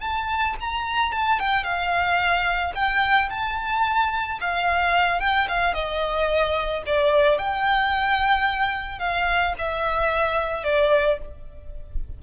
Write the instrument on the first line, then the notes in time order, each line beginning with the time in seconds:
violin
0.00 A5
0.60 A#5
1.12 A5
1.39 G5
1.63 F5
2.74 G5
3.30 A5
4.40 F5
5.20 G5
5.48 F5
5.73 D#5
6.86 D5
7.38 G5
8.99 F5
9.58 E5
10.63 D5